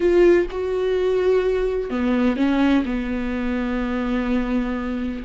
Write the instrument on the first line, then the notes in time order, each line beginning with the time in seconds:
viola
0.00 F4
0.50 F#4
1.90 B3
2.36 C#4
2.85 B3